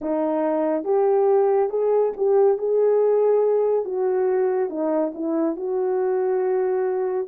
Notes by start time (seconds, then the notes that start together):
0.01 D#4
0.84 G4
1.69 G#4
2.16 G4
2.58 G#4
3.84 F#4
4.69 D#4
5.14 E4
5.56 F#4